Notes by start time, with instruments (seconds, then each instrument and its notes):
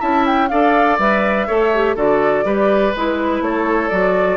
0.00 bassoon C#4, clarinet E4, oboe E5, flute A5
0.27 flute G5
0.49 bassoon D4, clarinet A4, oboe D5, flute F5
0.99 bassoon G3, clarinet B4, flute E5
1.47 bassoon A3, clarinet A4, oboe C#5
1.75 clarinet G4
1.96 bassoon D3, clarinet F#4, oboe A4, flute D5
2.45 bassoon G3, clarinet G4, oboe B4
2.96 bassoon G#3, clarinet E4, flute B4
3.41 bassoon A3, oboe A4, flute C#5
3.89 bassoon F#3, clarinet F#4, flute D5